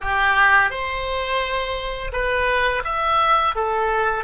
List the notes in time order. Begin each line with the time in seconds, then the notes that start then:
0.01 G4
0.70 C5
2.12 B4
2.84 E5
3.55 A4